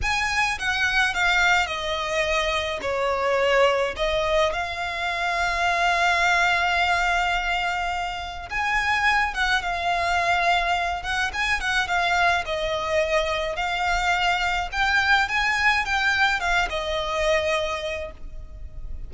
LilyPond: \new Staff \with { instrumentName = "violin" } { \time 4/4 \tempo 4 = 106 gis''4 fis''4 f''4 dis''4~ | dis''4 cis''2 dis''4 | f''1~ | f''2. gis''4~ |
gis''8 fis''8 f''2~ f''8 fis''8 | gis''8 fis''8 f''4 dis''2 | f''2 g''4 gis''4 | g''4 f''8 dis''2~ dis''8 | }